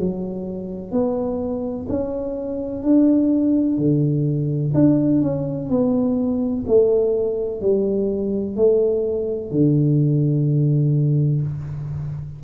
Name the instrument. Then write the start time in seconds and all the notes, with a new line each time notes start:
tuba
0.00 F#3
0.92 B3
1.89 C#4
2.84 D4
3.78 D3
4.75 D4
5.23 C#4
5.70 B3
6.68 A3
7.61 G3
8.57 A3
9.52 D3